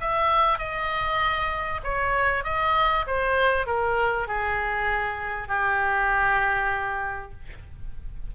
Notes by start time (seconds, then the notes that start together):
0.00 E5
0.58 D#5
1.83 C#5
2.44 D#5
3.07 C5
3.66 A#4
4.27 G#4
5.48 G4